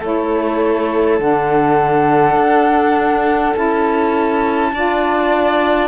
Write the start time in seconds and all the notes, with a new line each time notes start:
0.00 A3 E4 A4 C#5
1.20 D3 D4 F#5
2.37 D4
3.54 C#4 E4 A5
4.73 D4 F4 D5